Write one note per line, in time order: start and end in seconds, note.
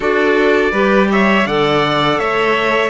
0.00 0.71 D4
0.00 0.72 F#4
0.00 0.71 A4
0.00 1.11 D5
0.71 1.45 G3
0.71 1.46 G4
0.71 1.08 B4
1.11 1.46 C#5
1.11 1.46 E5
1.46 2.19 D3
1.46 2.90 A4
1.46 2.18 D5
1.46 2.19 F#5
2.18 2.90 A3
2.18 2.90 C#5
2.18 2.90 E5